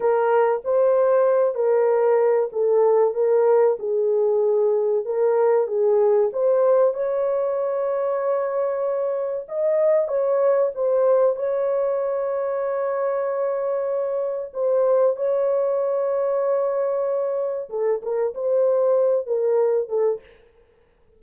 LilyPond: \new Staff \with { instrumentName = "horn" } { \time 4/4 \tempo 4 = 95 ais'4 c''4. ais'4. | a'4 ais'4 gis'2 | ais'4 gis'4 c''4 cis''4~ | cis''2. dis''4 |
cis''4 c''4 cis''2~ | cis''2. c''4 | cis''1 | a'8 ais'8 c''4. ais'4 a'8 | }